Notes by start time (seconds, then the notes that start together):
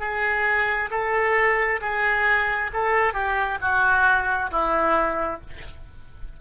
0.00 G#4
0.91 A4
1.81 G#4
2.73 A4
3.13 G4
3.61 F#4
4.51 E4